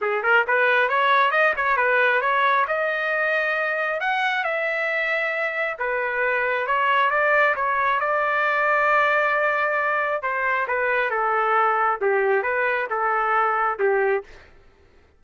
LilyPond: \new Staff \with { instrumentName = "trumpet" } { \time 4/4 \tempo 4 = 135 gis'8 ais'8 b'4 cis''4 dis''8 cis''8 | b'4 cis''4 dis''2~ | dis''4 fis''4 e''2~ | e''4 b'2 cis''4 |
d''4 cis''4 d''2~ | d''2. c''4 | b'4 a'2 g'4 | b'4 a'2 g'4 | }